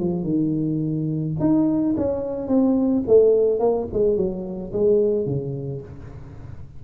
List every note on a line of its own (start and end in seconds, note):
0.00 0.23 F3
0.23 1.35 D#3
1.40 1.95 D#4
1.97 2.48 C#4
2.48 3.04 C4
3.08 3.60 A3
3.60 3.87 A#3
3.93 4.17 G#3
4.17 4.72 F#3
4.72 5.26 G#3
5.26 5.82 C#3